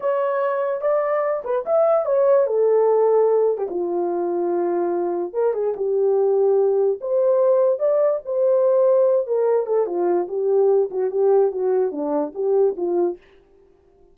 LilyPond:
\new Staff \with { instrumentName = "horn" } { \time 4/4 \tempo 4 = 146 cis''2 d''4. b'8 | e''4 cis''4 a'2~ | a'8. g'16 f'2.~ | f'4 ais'8 gis'8 g'2~ |
g'4 c''2 d''4 | c''2~ c''8 ais'4 a'8 | f'4 g'4. fis'8 g'4 | fis'4 d'4 g'4 f'4 | }